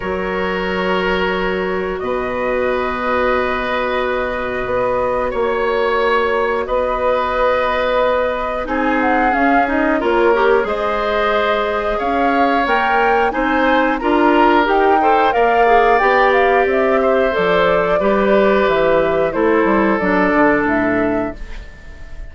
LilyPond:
<<
  \new Staff \with { instrumentName = "flute" } { \time 4/4 \tempo 4 = 90 cis''2. dis''4~ | dis''1 | cis''2 dis''2~ | dis''4 gis''8 fis''8 f''8 dis''8 cis''4 |
dis''2 f''4 g''4 | gis''4 ais''4 g''4 f''4 | g''8 f''8 e''4 d''2 | e''4 c''4 d''4 e''4 | }
  \new Staff \with { instrumentName = "oboe" } { \time 4/4 ais'2. b'4~ | b'1 | cis''2 b'2~ | b'4 gis'2 ais'4 |
c''2 cis''2 | c''4 ais'4. c''8 d''4~ | d''4. c''4. b'4~ | b'4 a'2. | }
  \new Staff \with { instrumentName = "clarinet" } { \time 4/4 fis'1~ | fis'1~ | fis'1~ | fis'4 dis'4 cis'8 dis'8 f'8 g'8 |
gis'2. ais'4 | dis'4 f'4 g'8 a'8 ais'8 gis'8 | g'2 a'4 g'4~ | g'4 e'4 d'2 | }
  \new Staff \with { instrumentName = "bassoon" } { \time 4/4 fis2. b,4~ | b,2. b4 | ais2 b2~ | b4 c'4 cis'4 ais4 |
gis2 cis'4 ais4 | c'4 d'4 dis'4 ais4 | b4 c'4 f4 g4 | e4 a8 g8 fis8 d8 a,4 | }
>>